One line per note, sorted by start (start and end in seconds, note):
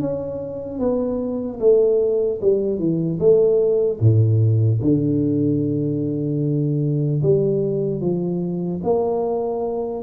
0.00 0.79 C#4
0.79 1.59 B3
1.59 2.39 A3
2.41 2.78 G3
2.78 3.18 E3
3.19 3.99 A3
4.00 4.80 A2
4.81 7.21 D3
7.22 8.00 G3
8.00 8.80 F3
8.83 10.03 A#3